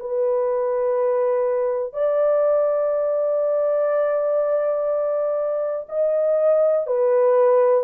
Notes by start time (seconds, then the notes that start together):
0.00 B4
1.94 D5
5.89 D#5
6.87 B4